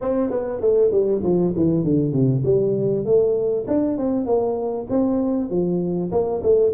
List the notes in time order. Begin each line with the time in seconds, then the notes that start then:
0.01 C4
0.30 B3
0.60 A3
0.91 G3
1.23 F3
1.56 E3
1.84 D3
2.12 C3
2.44 G3
3.05 A3
3.67 D4
3.97 C4
4.26 A#3
4.89 C4
5.50 F3
6.11 A#3
6.42 A3